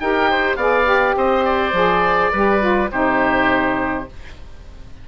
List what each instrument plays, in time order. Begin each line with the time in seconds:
0.00 bassoon D#4, saxophone G4, oboe A#4 G5
0.30 oboe C5
0.56 bassoon B3, saxophone G#4, oboe D5 F5
0.84 saxophone G4
1.16 bassoon C4, oboe C5 D#5
1.45 oboe D5
1.72 bassoon F3, saxophone G#4
2.32 bassoon G3, saxophone G4, oboe B4
2.60 saxophone F4
2.91 bassoon C3, saxophone D#4, oboe G4 C5